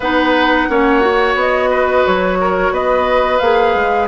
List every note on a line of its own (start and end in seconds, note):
0.00 0.67 B3
0.00 0.69 D#4
0.00 0.68 B4
0.00 1.36 F#5
0.69 1.35 A#3
0.69 1.01 C#4
0.69 1.70 C#5
1.01 3.39 F#4
1.35 2.03 B3
1.35 2.06 D#5
1.70 2.38 B4
2.06 2.71 F#3
2.06 2.74 C#5
2.40 2.72 A#4
2.71 3.39 B3
2.71 4.08 B4
2.71 3.38 D#5
3.38 3.75 A#3
3.38 4.08 G#4
3.38 4.07 F5
3.75 4.08 G#3